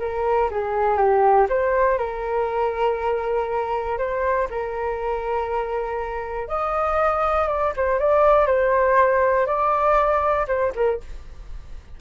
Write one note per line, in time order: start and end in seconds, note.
0.00 0.50 A#4
0.51 0.97 G#4
0.97 1.47 G4
1.50 1.98 C5
1.98 3.98 A#4
3.99 4.49 C5
4.50 6.48 A#4
6.48 7.48 D#5
7.49 7.74 D5
7.77 8.00 C5
8.00 8.47 D5
8.47 9.47 C5
9.47 10.47 D5
10.48 10.73 C5
10.76 11.01 A#4